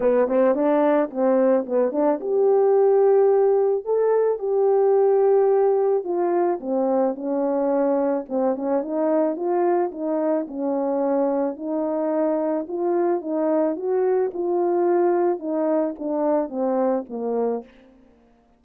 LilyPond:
\new Staff \with { instrumentName = "horn" } { \time 4/4 \tempo 4 = 109 b8 c'8 d'4 c'4 b8 d'8 | g'2. a'4 | g'2. f'4 | c'4 cis'2 c'8 cis'8 |
dis'4 f'4 dis'4 cis'4~ | cis'4 dis'2 f'4 | dis'4 fis'4 f'2 | dis'4 d'4 c'4 ais4 | }